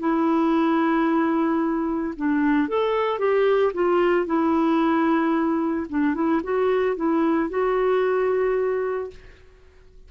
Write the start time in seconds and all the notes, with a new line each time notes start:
0.00 E4
2.17 D4
2.69 A4
3.19 G4
3.74 F4
4.26 E4
5.90 D4
6.15 E4
6.44 F#4
6.97 E4
7.50 F#4